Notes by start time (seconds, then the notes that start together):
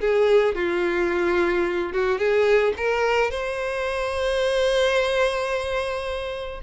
0.00 G#4
0.55 F4
1.92 F#4
2.18 G#4
2.77 A#4
3.30 C5